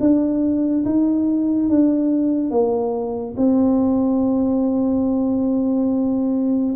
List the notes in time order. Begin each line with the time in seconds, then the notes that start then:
0.00 D4
0.85 D#4
1.69 D4
2.50 A#3
3.37 C4